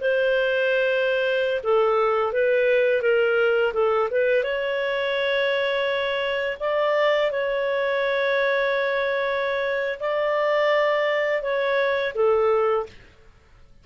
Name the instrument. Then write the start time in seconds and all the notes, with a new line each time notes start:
clarinet
0.00 C5
1.63 A4
2.32 B4
3.01 A#4
3.73 A4
4.10 B4
4.43 C#5
6.60 D5
7.31 C#5
9.99 D5
11.42 C#5
12.14 A4